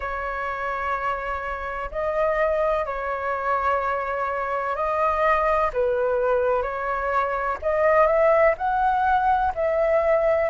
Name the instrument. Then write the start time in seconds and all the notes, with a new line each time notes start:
flute
0.00 C#5
1.91 D#5
2.85 C#5
4.75 D#5
5.73 B4
6.62 C#5
7.62 D#5
8.06 E5
8.57 F#5
9.55 E5